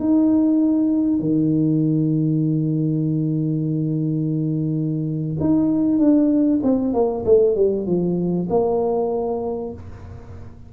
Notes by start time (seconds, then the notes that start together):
0.00 D#4
1.20 D#3
5.41 D#4
5.99 D4
6.63 C4
6.94 A#3
7.26 A3
7.56 G3
7.87 F3
8.50 A#3